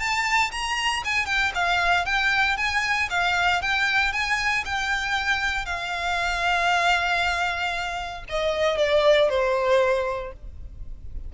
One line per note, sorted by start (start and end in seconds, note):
0.00 0.52 A5
0.52 1.04 A#5
1.05 1.26 G#5
1.26 1.52 G5
1.55 2.06 F5
2.06 2.58 G5
2.58 3.09 G#5
3.10 3.62 F5
3.62 4.13 G5
4.13 4.65 G#5
4.66 5.66 G5
5.66 8.25 F5
8.29 8.78 D#5
8.78 9.30 D5
9.30 10.33 C5